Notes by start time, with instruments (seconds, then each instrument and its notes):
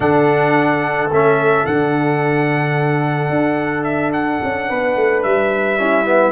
0.00 tuba D3, trombone D4, horn A4, trumpet F#5
1.10 tuba A3, trombone C#4, trumpet E5
1.66 tuba D3, trombone D4, trumpet F#5
3.29 tuba D4
3.83 trumpet E5
4.12 trumpet F#5
4.43 tuba C#4
4.68 tuba B3, horn B4
4.96 tuba A3
5.22 tuba G3, trumpet E5
5.78 trombone C#4, horn E4
6.05 trombone B3